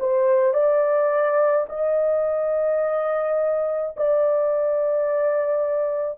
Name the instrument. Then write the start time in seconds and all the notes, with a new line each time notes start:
horn
0.00 C5
0.54 D5
1.69 D#5
3.97 D5